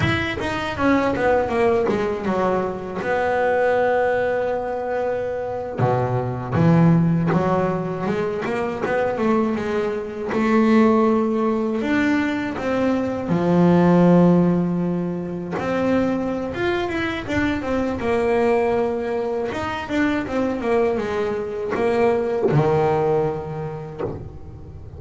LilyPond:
\new Staff \with { instrumentName = "double bass" } { \time 4/4 \tempo 4 = 80 e'8 dis'8 cis'8 b8 ais8 gis8 fis4 | b2.~ b8. b,16~ | b,8. e4 fis4 gis8 ais8 b16~ | b16 a8 gis4 a2 d'16~ |
d'8. c'4 f2~ f16~ | f8. c'4~ c'16 f'8 e'8 d'8 c'8 | ais2 dis'8 d'8 c'8 ais8 | gis4 ais4 dis2 | }